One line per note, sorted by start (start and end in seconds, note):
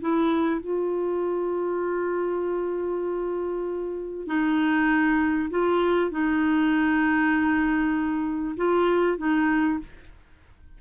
0.00 0.60 E4
0.60 4.27 F4
4.27 5.49 D#4
5.50 6.11 F4
6.11 8.55 D#4
8.56 9.17 F4
9.18 9.79 D#4